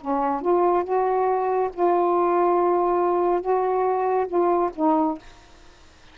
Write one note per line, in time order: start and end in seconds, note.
0.00 0.41 C#4
0.41 0.83 F4
0.83 1.69 F#4
1.73 3.41 F4
3.41 4.26 F#4
4.27 4.70 F4
4.75 5.18 D#4